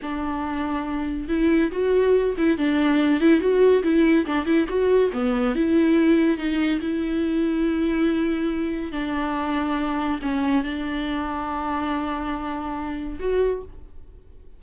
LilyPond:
\new Staff \with { instrumentName = "viola" } { \time 4/4 \tempo 4 = 141 d'2. e'4 | fis'4. e'8 d'4. e'8 | fis'4 e'4 d'8 e'8 fis'4 | b4 e'2 dis'4 |
e'1~ | e'4 d'2. | cis'4 d'2.~ | d'2. fis'4 | }